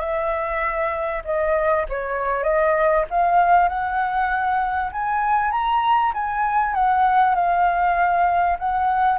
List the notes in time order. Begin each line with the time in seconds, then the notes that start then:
0.00 E5
1.24 D#5
1.89 C#5
2.43 D#5
3.10 F5
3.68 F#5
4.92 G#5
5.52 A#5
6.14 G#5
6.74 F#5
7.35 F5
8.59 F#5